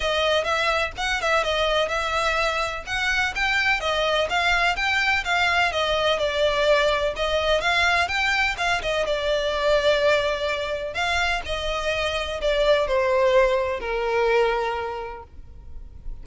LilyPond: \new Staff \with { instrumentName = "violin" } { \time 4/4 \tempo 4 = 126 dis''4 e''4 fis''8 e''8 dis''4 | e''2 fis''4 g''4 | dis''4 f''4 g''4 f''4 | dis''4 d''2 dis''4 |
f''4 g''4 f''8 dis''8 d''4~ | d''2. f''4 | dis''2 d''4 c''4~ | c''4 ais'2. | }